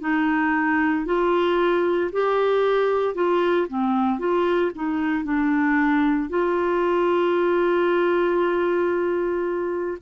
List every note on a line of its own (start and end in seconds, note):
0.00 1.05 D#4
1.05 2.11 F4
2.12 3.15 G4
3.15 3.67 F4
3.68 4.19 C4
4.19 4.71 F4
4.75 5.24 D#4
5.24 6.29 D4
6.29 9.98 F4